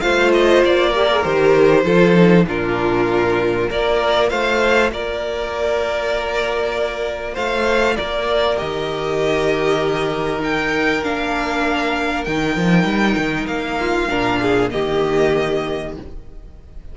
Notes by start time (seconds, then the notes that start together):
0.00 A3 F4 C5 F5
0.32 D#5
0.64 A#3 D5
0.89 G4 A#4
1.10 G#4
1.23 D#3 G4 C5
1.84 F3 F4 A4
2.15 D#4
2.47 A#2 D4 F4 A#4
3.67 A#3 F4 A#4 D5
4.29 A3 C5 F5
4.91 A#3 A#4 D5
7.34 A3 C5 F5
7.96 A#3 A#4 D5
8.57 D#3 G4 D#5
10.39 D#4 G5
11.03 A#3 D4 F5
12.23 D#3 D#4 G5
12.56 F3
12.84 G3
13.17 D#3
13.46 A#3 F5
13.80 F4
14.09 A#2 D4 A#4
14.41 G#4
14.70 D#3 A#3 G4 D#5